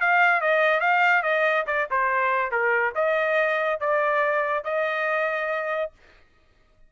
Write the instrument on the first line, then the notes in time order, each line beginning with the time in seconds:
trumpet
0.00 F5
0.41 D#5
0.80 F5
1.22 D#5
1.67 D5
1.91 C5
2.51 A#4
2.95 D#5
3.80 D5
4.64 D#5